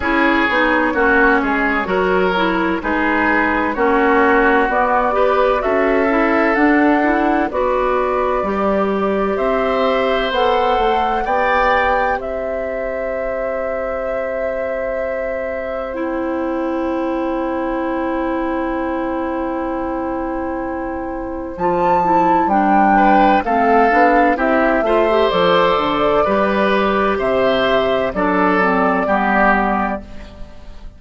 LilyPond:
<<
  \new Staff \with { instrumentName = "flute" } { \time 4/4 \tempo 4 = 64 cis''2. b'4 | cis''4 d''4 e''4 fis''4 | d''2 e''4 fis''4 | g''4 e''2.~ |
e''4 g''2.~ | g''2. a''4 | g''4 f''4 e''4 d''4~ | d''4 e''4 d''2 | }
  \new Staff \with { instrumentName = "oboe" } { \time 4/4 gis'4 fis'8 gis'8 ais'4 gis'4 | fis'4. b'8 a'2 | b'2 c''2 | d''4 c''2.~ |
c''1~ | c''1~ | c''8 b'8 a'4 g'8 c''4. | b'4 c''4 a'4 g'4 | }
  \new Staff \with { instrumentName = "clarinet" } { \time 4/4 e'8 dis'8 cis'4 fis'8 e'8 dis'4 | cis'4 b8 g'8 fis'8 e'8 d'8 e'8 | fis'4 g'2 a'4 | g'1~ |
g'4 e'2.~ | e'2. f'8 e'8 | d'4 c'8 d'8 e'8 f'16 g'16 a'4 | g'2 d'8 c'8 b4 | }
  \new Staff \with { instrumentName = "bassoon" } { \time 4/4 cis'8 b8 ais8 gis8 fis4 gis4 | ais4 b4 cis'4 d'4 | b4 g4 c'4 b8 a8 | b4 c'2.~ |
c'1~ | c'2. f4 | g4 a8 b8 c'8 a8 f8 d8 | g4 c4 fis4 g4 | }
>>